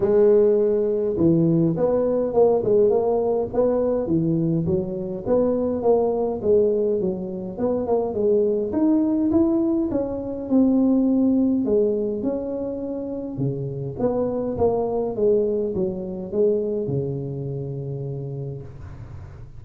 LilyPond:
\new Staff \with { instrumentName = "tuba" } { \time 4/4 \tempo 4 = 103 gis2 e4 b4 | ais8 gis8 ais4 b4 e4 | fis4 b4 ais4 gis4 | fis4 b8 ais8 gis4 dis'4 |
e'4 cis'4 c'2 | gis4 cis'2 cis4 | b4 ais4 gis4 fis4 | gis4 cis2. | }